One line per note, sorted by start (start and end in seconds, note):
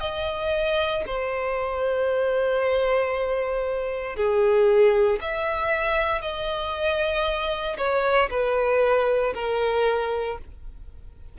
0.00 1.03 D#5
1.06 4.16 C5
4.16 5.20 G#4
5.21 6.22 E5
6.22 7.77 D#5
7.78 8.29 C#5
8.30 9.34 B4
9.34 10.38 A#4